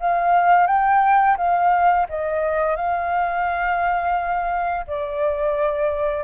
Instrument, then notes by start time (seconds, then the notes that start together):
flute
0.00 F5
0.67 G5
1.37 F5
2.10 D#5
2.77 F5
4.88 D5